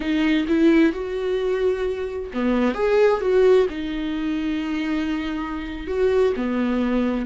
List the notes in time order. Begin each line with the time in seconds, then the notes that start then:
0.00 D#4
0.47 E4
0.92 F#4
2.33 B3
2.74 G#4
3.20 F#4
3.69 D#4
5.87 F#4
6.36 B3